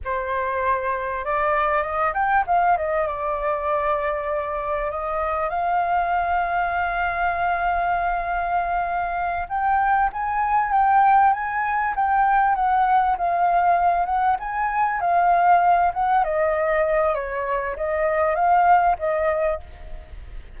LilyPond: \new Staff \with { instrumentName = "flute" } { \time 4/4 \tempo 4 = 98 c''2 d''4 dis''8 g''8 | f''8 dis''8 d''2. | dis''4 f''2.~ | f''2.~ f''8 g''8~ |
g''8 gis''4 g''4 gis''4 g''8~ | g''8 fis''4 f''4. fis''8 gis''8~ | gis''8 f''4. fis''8 dis''4. | cis''4 dis''4 f''4 dis''4 | }